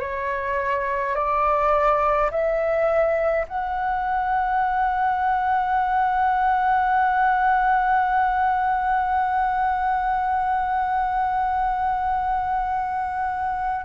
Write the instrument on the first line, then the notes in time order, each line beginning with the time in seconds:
flute
0.00 C#5
1.15 D5
2.31 E5
3.48 F#5